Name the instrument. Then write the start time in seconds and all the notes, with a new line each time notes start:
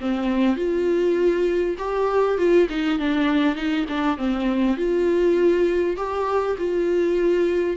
viola
0.00 C4
0.56 F4
1.78 G4
2.37 F4
2.69 D#4
2.99 D4
3.55 D#4
3.88 D4
4.17 C4
4.77 F4
5.96 G4
6.58 F4